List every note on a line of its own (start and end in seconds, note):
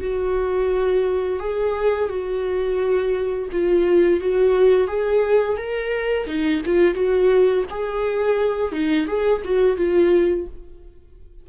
0.00 1.39 F#4
1.39 2.09 G#4
2.09 3.49 F#4
3.51 4.20 F4
4.20 4.87 F#4
4.87 5.57 G#4
5.57 6.26 A#4
6.26 6.61 D#4
6.65 6.94 F4
6.94 7.64 F#4
7.69 8.72 G#4
8.72 9.07 D#4
9.07 9.42 G#4
9.44 9.76 F#4
9.76 10.46 F4